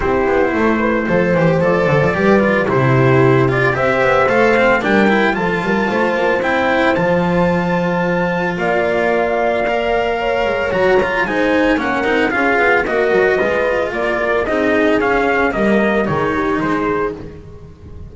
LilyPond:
<<
  \new Staff \with { instrumentName = "trumpet" } { \time 4/4 \tempo 4 = 112 c''2. d''4~ | d''4 c''4. d''8 e''4 | f''4 g''4 a''2 | g''4 a''2. |
f''1 | ais''4 gis''4 fis''4 f''4 | dis''2 d''4 dis''4 | f''4 dis''4 cis''4 c''4 | }
  \new Staff \with { instrumentName = "horn" } { \time 4/4 g'4 a'8 b'8 c''2 | b'4 g'2 c''4~ | c''4 ais'4 a'8 ais'8 c''4~ | c''1 |
d''2. cis''4~ | cis''4 c''4 ais'4 gis'4 | ais'4 b'4 ais'4 gis'4~ | gis'4 ais'4 gis'8 g'8 gis'4 | }
  \new Staff \with { instrumentName = "cello" } { \time 4/4 e'2 a'8 g'8 a'4 | g'8 f'8 e'4. f'8 g'4 | a'8 c'8 d'8 e'8 f'2 | e'4 f'2.~ |
f'2 ais'2 | fis'8 f'8 dis'4 cis'8 dis'8 f'4 | fis'4 f'2 dis'4 | cis'4 ais4 dis'2 | }
  \new Staff \with { instrumentName = "double bass" } { \time 4/4 c'8 b8 a4 f8 e8 f8 d16 f16 | g4 c2 c'8 b8 | a4 g4 f8 g8 a8 ais8 | c'4 f2. |
ais2.~ ais8 gis8 | fis4 gis4 ais8 c'8 cis'8 b8 | ais8 fis8 gis4 ais4 c'4 | cis'4 g4 dis4 gis4 | }
>>